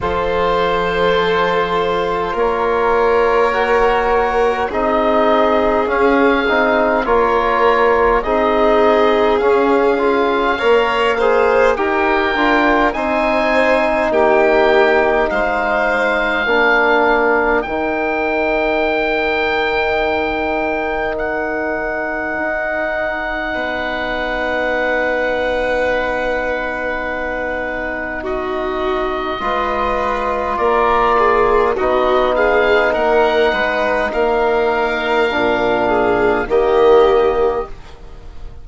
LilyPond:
<<
  \new Staff \with { instrumentName = "oboe" } { \time 4/4 \tempo 4 = 51 c''2 cis''2 | dis''4 f''4 cis''4 dis''4 | f''2 g''4 gis''4 | g''4 f''2 g''4~ |
g''2 fis''2~ | fis''1 | dis''2 d''4 dis''8 f''8 | fis''4 f''2 dis''4 | }
  \new Staff \with { instrumentName = "violin" } { \time 4/4 a'2 ais'2 | gis'2 ais'4 gis'4~ | gis'4 cis''8 c''8 ais'4 c''4 | g'4 c''4 ais'2~ |
ais'1 | b'1 | fis'4 b'4 ais'8 gis'8 fis'8 gis'8 | ais'8 b'8 ais'4. gis'8 g'4 | }
  \new Staff \with { instrumentName = "trombone" } { \time 4/4 f'2. fis'4 | dis'4 cis'8 dis'8 f'4 dis'4 | cis'8 f'8 ais'8 gis'8 g'8 f'8 dis'4~ | dis'2 d'4 dis'4~ |
dis'1~ | dis'1~ | dis'4 f'2 dis'4~ | dis'2 d'4 ais4 | }
  \new Staff \with { instrumentName = "bassoon" } { \time 4/4 f2 ais2 | c'4 cis'8 c'8 ais4 c'4 | cis'4 ais4 dis'8 d'8 c'4 | ais4 gis4 ais4 dis4~ |
dis2. dis'4 | b1~ | b4 gis4 ais4 b4 | ais8 gis8 ais4 ais,4 dis4 | }
>>